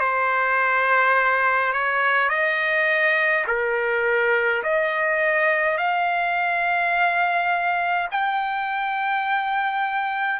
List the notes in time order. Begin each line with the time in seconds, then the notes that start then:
0.00 C5
1.73 C#5
2.29 D#5
3.48 A#4
4.63 D#5
5.77 F5
8.11 G5